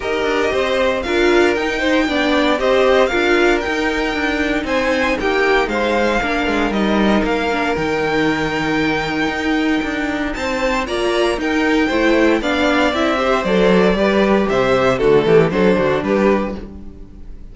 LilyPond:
<<
  \new Staff \with { instrumentName = "violin" } { \time 4/4 \tempo 4 = 116 dis''2 f''4 g''4~ | g''4 dis''4 f''4 g''4~ | g''4 gis''4 g''4 f''4~ | f''4 dis''4 f''4 g''4~ |
g''1 | a''4 ais''4 g''2 | f''4 e''4 d''2 | e''4 a'4 c''4 b'4 | }
  \new Staff \with { instrumentName = "violin" } { \time 4/4 ais'4 c''4 ais'4. c''8 | d''4 c''4 ais'2~ | ais'4 c''4 g'4 c''4 | ais'1~ |
ais'1 | c''4 d''4 ais'4 c''4 | d''4. c''4. b'4 | c''4 fis'8 g'8 a'8 fis'8 g'4 | }
  \new Staff \with { instrumentName = "viola" } { \time 4/4 g'2 f'4 dis'4 | d'4 g'4 f'4 dis'4~ | dis'1 | d'4 dis'4. d'8 dis'4~ |
dis'1~ | dis'4 f'4 dis'4 e'4 | d'4 e'8 g'8 a'4 g'4~ | g'4 a4 d'2 | }
  \new Staff \with { instrumentName = "cello" } { \time 4/4 dis'8 d'8 c'4 d'4 dis'4 | b4 c'4 d'4 dis'4 | d'4 c'4 ais4 gis4 | ais8 gis8 g4 ais4 dis4~ |
dis2 dis'4 d'4 | c'4 ais4 dis'4 a4 | b4 c'4 fis4 g4 | c4 d8 e8 fis8 d8 g4 | }
>>